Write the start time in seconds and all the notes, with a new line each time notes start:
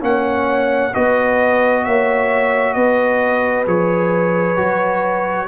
0.00 A#3 C#4 C#5 F#5
0.93 B3 F#4 B4 D#5
1.84 A#3 C#5 E5
2.73 B3 B4 D#5
3.66 F3 G#4 C#5
4.56 F#3 F#4